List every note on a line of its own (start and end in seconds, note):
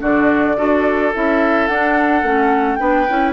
0.00 0.58 D3
0.00 0.56 D4
0.00 0.57 F#4
0.00 1.14 D5
0.57 1.14 D4
0.57 1.12 F#4
0.57 2.80 A4
1.15 1.69 C#4
1.15 1.70 E4
1.15 1.68 E5
1.68 2.23 D4
1.68 2.24 D4
1.68 2.76 F#5
2.23 2.78 A3
2.23 2.79 C#4
2.76 3.09 B3
2.76 3.07 D4
2.76 3.34 B4
2.76 3.32 G5
3.09 3.34 C#4
3.09 3.34 E4